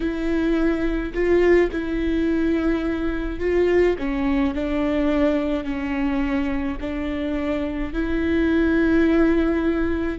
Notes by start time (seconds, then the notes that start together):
0.00 E4
1.13 F4
1.71 E4
3.40 F4
3.98 C#4
4.54 D4
5.63 C#4
6.80 D4
7.92 E4